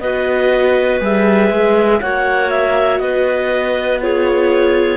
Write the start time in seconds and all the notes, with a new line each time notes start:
0.00 B3 F#4 B4 D#5
1.00 G3 G#4 E5
1.50 G#3
2.01 A#3 F#4 C#5 F#5
2.50 E5
2.99 B3 B4 D#5
4.01 F4 G#4 C#5